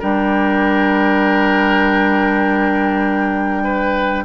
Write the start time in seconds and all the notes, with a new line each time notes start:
0.00 G3 D4 A#4 G5
3.64 B4